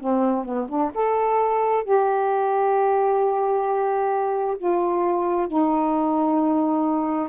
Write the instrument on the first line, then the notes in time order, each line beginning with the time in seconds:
saxophone
0.00 C4
0.45 B3
0.68 D4
0.95 A4
1.84 G4
4.58 F4
5.48 D#4